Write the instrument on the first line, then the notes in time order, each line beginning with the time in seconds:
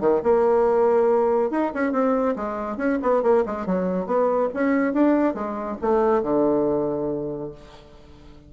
bassoon
0.00 D#3
0.23 A#3
1.50 D#4
1.74 C#4
1.92 C4
2.36 G#3
2.77 C#4
3.02 B3
3.22 A#3
3.46 G#3
3.66 F#3
4.06 B3
4.54 C#4
4.93 D4
5.34 G#3
5.81 A3
6.22 D3